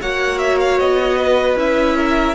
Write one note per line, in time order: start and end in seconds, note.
0.00 0.80 A#3
0.00 1.57 F#4
0.00 1.17 C#5
0.00 0.38 F#5
0.38 0.58 E5
0.59 0.78 F5
0.78 1.55 B3
0.78 1.57 D#5
1.17 1.96 B4
1.55 2.34 C#4
1.55 2.35 E4
1.55 2.35 E5
1.96 2.35 A#4